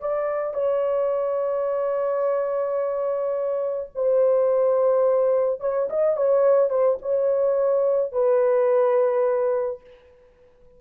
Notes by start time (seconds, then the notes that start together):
0.00 D5
0.54 C#5
3.95 C5
5.60 C#5
5.90 D#5
6.17 C#5
6.70 C5
7.01 C#5
8.12 B4